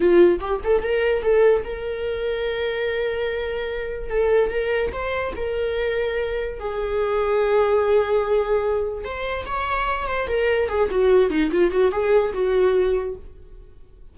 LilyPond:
\new Staff \with { instrumentName = "viola" } { \time 4/4 \tempo 4 = 146 f'4 g'8 a'8 ais'4 a'4 | ais'1~ | ais'2 a'4 ais'4 | c''4 ais'2. |
gis'1~ | gis'2 c''4 cis''4~ | cis''8 c''8 ais'4 gis'8 fis'4 dis'8 | f'8 fis'8 gis'4 fis'2 | }